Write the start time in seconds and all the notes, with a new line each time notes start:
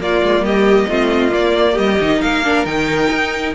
0.00 A#3 F4 D5
0.23 G#3
0.41 G3 G4 D#5
0.89 A3 C4 F4
1.31 A#3 D5
1.73 G3 G4 D#5
2.01 D#3 D#4
2.22 A#3 A#4 F5
2.44 D4
2.66 D#3 D#4 G5
3.11 D#4